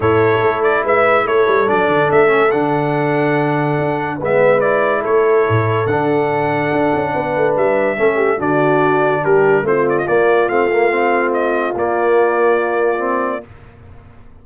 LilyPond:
<<
  \new Staff \with { instrumentName = "trumpet" } { \time 4/4 \tempo 4 = 143 cis''4. d''8 e''4 cis''4 | d''4 e''4 fis''2~ | fis''2 e''4 d''4 | cis''2 fis''2~ |
fis''2 e''2 | d''2 ais'4 c''8 d''16 dis''16 | d''4 f''2 dis''4 | d''1 | }
  \new Staff \with { instrumentName = "horn" } { \time 4/4 a'2 b'4 a'4~ | a'1~ | a'2 b'2 | a'1~ |
a'4 b'2 a'8 g'8 | fis'2 g'4 f'4~ | f'1~ | f'1 | }
  \new Staff \with { instrumentName = "trombone" } { \time 4/4 e'1 | d'4. cis'8 d'2~ | d'2 b4 e'4~ | e'2 d'2~ |
d'2. cis'4 | d'2. c'4 | ais4 c'8 ais8 c'2 | ais2. c'4 | }
  \new Staff \with { instrumentName = "tuba" } { \time 4/4 a,4 a4 gis4 a8 g8 | fis8 d8 a4 d2~ | d4 d'4 gis2 | a4 a,4 d2 |
d'8 cis'8 b8 a8 g4 a4 | d2 g4 a4 | ais4 a2. | ais1 | }
>>